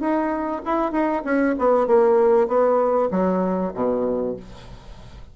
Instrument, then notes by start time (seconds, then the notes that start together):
bassoon
0.00 D#4
0.66 E4
0.92 D#4
1.25 C#4
1.58 B3
1.87 A#3
2.48 B3
3.11 F#3
3.74 B2